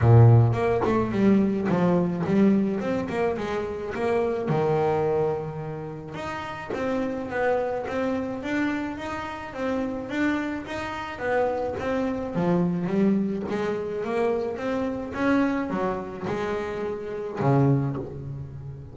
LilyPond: \new Staff \with { instrumentName = "double bass" } { \time 4/4 \tempo 4 = 107 ais,4 ais8 a8 g4 f4 | g4 c'8 ais8 gis4 ais4 | dis2. dis'4 | c'4 b4 c'4 d'4 |
dis'4 c'4 d'4 dis'4 | b4 c'4 f4 g4 | gis4 ais4 c'4 cis'4 | fis4 gis2 cis4 | }